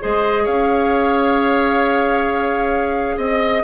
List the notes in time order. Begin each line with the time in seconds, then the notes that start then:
0.00 G#3 G#4 C5 D#5
0.43 C#4 C#5 F5
3.17 C4 D#5
3.23 D#5